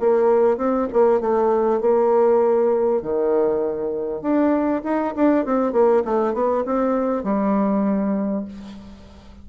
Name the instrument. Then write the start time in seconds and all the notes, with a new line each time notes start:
bassoon
0.00 A#3
0.57 C4
0.93 A#3
1.21 A3
1.81 A#3
3.02 D#3
4.21 D4
4.84 D#4
5.16 D4
5.45 C4
5.72 A#3
6.05 A3
6.34 B3
6.66 C4
7.24 G3